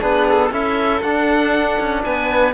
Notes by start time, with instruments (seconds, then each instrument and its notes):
0.00 cello B3, trombone D4, violin G#4, oboe B4
0.29 oboe A4
0.51 cello C#4, trombone E4, violin A4, oboe E5
1.02 cello D4, trombone D4, oboe F#5
1.79 cello C#4
2.04 cello B3, violin B4, oboe G#5